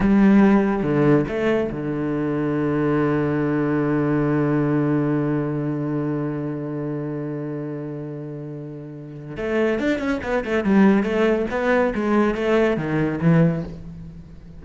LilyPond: \new Staff \with { instrumentName = "cello" } { \time 4/4 \tempo 4 = 141 g2 d4 a4 | d1~ | d1~ | d1~ |
d1~ | d2 a4 d'8 cis'8 | b8 a8 g4 a4 b4 | gis4 a4 dis4 e4 | }